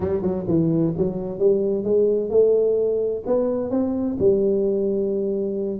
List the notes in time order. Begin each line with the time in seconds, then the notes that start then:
0.00 G3
0.22 F#3
0.47 E3
0.97 F#3
1.38 G3
1.84 G#3
2.30 A3
3.26 B3
3.70 C4
4.19 G3